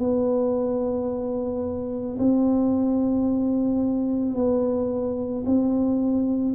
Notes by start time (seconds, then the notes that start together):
0.00 B3
2.19 C4
4.35 B3
5.46 C4